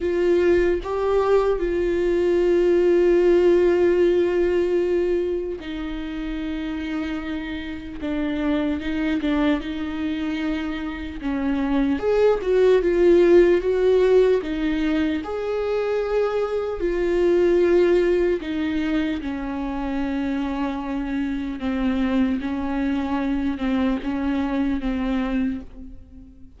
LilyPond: \new Staff \with { instrumentName = "viola" } { \time 4/4 \tempo 4 = 75 f'4 g'4 f'2~ | f'2. dis'4~ | dis'2 d'4 dis'8 d'8 | dis'2 cis'4 gis'8 fis'8 |
f'4 fis'4 dis'4 gis'4~ | gis'4 f'2 dis'4 | cis'2. c'4 | cis'4. c'8 cis'4 c'4 | }